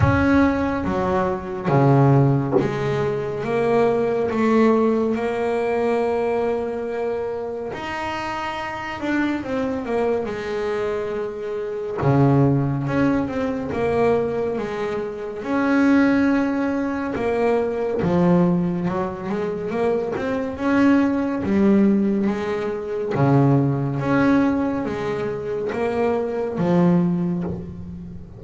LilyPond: \new Staff \with { instrumentName = "double bass" } { \time 4/4 \tempo 4 = 70 cis'4 fis4 cis4 gis4 | ais4 a4 ais2~ | ais4 dis'4. d'8 c'8 ais8 | gis2 cis4 cis'8 c'8 |
ais4 gis4 cis'2 | ais4 f4 fis8 gis8 ais8 c'8 | cis'4 g4 gis4 cis4 | cis'4 gis4 ais4 f4 | }